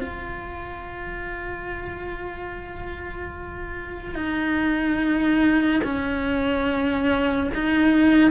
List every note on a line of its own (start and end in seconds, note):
0.00 4.14 F4
4.14 5.81 D#4
5.83 7.50 C#4
7.54 8.30 D#4